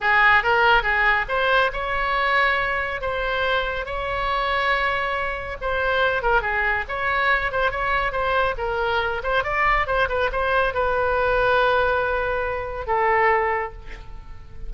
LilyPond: \new Staff \with { instrumentName = "oboe" } { \time 4/4 \tempo 4 = 140 gis'4 ais'4 gis'4 c''4 | cis''2. c''4~ | c''4 cis''2.~ | cis''4 c''4. ais'8 gis'4 |
cis''4. c''8 cis''4 c''4 | ais'4. c''8 d''4 c''8 b'8 | c''4 b'2.~ | b'2 a'2 | }